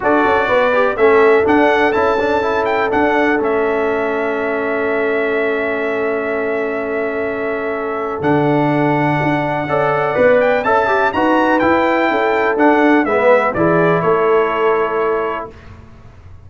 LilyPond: <<
  \new Staff \with { instrumentName = "trumpet" } { \time 4/4 \tempo 4 = 124 d''2 e''4 fis''4 | a''4. g''8 fis''4 e''4~ | e''1~ | e''1~ |
e''4 fis''2.~ | fis''4. g''8 a''4 ais''4 | g''2 fis''4 e''4 | d''4 cis''2. | }
  \new Staff \with { instrumentName = "horn" } { \time 4/4 a'4 b'4 a'2~ | a'1~ | a'1~ | a'1~ |
a'1 | d''2 e''4 b'4~ | b'4 a'2 b'4 | gis'4 a'2. | }
  \new Staff \with { instrumentName = "trombone" } { \time 4/4 fis'4. g'8 cis'4 d'4 | e'8 d'8 e'4 d'4 cis'4~ | cis'1~ | cis'1~ |
cis'4 d'2. | a'4 b'4 a'8 g'8 fis'4 | e'2 d'4 b4 | e'1 | }
  \new Staff \with { instrumentName = "tuba" } { \time 4/4 d'8 cis'8 b4 a4 d'4 | cis'2 d'4 a4~ | a1~ | a1~ |
a4 d2 d'4 | cis'4 b4 cis'4 dis'4 | e'4 cis'4 d'4 gis4 | e4 a2. | }
>>